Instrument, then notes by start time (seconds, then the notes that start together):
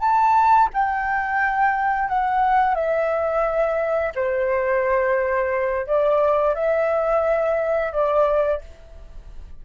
flute
0.00 A5
0.74 G5
2.08 F#5
2.75 E5
4.15 C5
5.87 D5
6.55 E5
7.92 D5